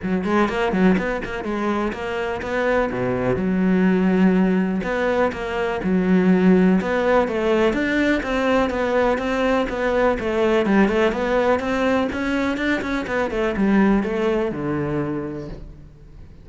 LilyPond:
\new Staff \with { instrumentName = "cello" } { \time 4/4 \tempo 4 = 124 fis8 gis8 ais8 fis8 b8 ais8 gis4 | ais4 b4 b,4 fis4~ | fis2 b4 ais4 | fis2 b4 a4 |
d'4 c'4 b4 c'4 | b4 a4 g8 a8 b4 | c'4 cis'4 d'8 cis'8 b8 a8 | g4 a4 d2 | }